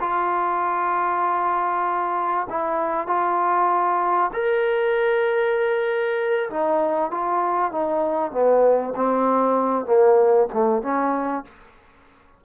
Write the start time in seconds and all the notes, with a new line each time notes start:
0.00 F4
2.49 E4
3.07 F4
4.33 A#4
6.50 D#4
7.11 F4
7.72 D#4
8.32 B3
8.96 C4
9.86 A#3
10.53 A3
10.82 C#4